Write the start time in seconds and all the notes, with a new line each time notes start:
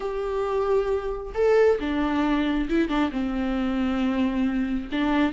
0.00 G4
1.34 A4
1.79 D4
2.69 E4
2.88 D4
3.11 C4
4.92 D4